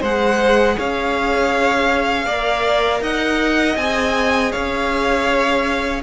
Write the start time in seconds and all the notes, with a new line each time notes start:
0.00 G#3 G#4 C5 F#5
0.78 C#4 C#5 F5
2.26 A#3 A#4 D5
3.01 D#4 D#5 F#5
3.76 C4 G#4 G#5
4.52 C#4 C#5 F5